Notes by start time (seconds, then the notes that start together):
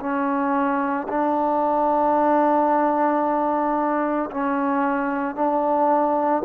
0.00 C#4
1.09 D4
4.31 C#4
5.35 D4